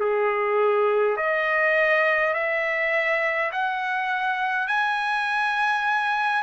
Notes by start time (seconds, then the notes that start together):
0.00 G#4
1.17 D#5
2.34 E5
3.52 F#5
4.68 G#5